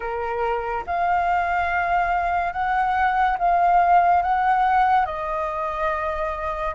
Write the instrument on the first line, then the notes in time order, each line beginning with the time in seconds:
flute
0.00 A#4
0.86 F5
2.52 F#5
3.38 F5
4.22 F#5
5.05 D#5